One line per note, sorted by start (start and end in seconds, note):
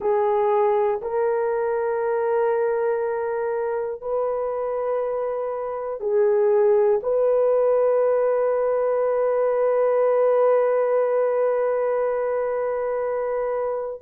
0.00 1.00 G#4
1.01 4.01 A#4
4.01 6.00 B4
6.00 7.00 G#4
7.02 14.01 B4